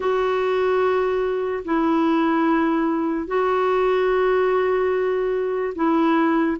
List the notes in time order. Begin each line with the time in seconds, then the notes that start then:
0.00 F#4
1.64 E4
3.27 F#4
5.75 E4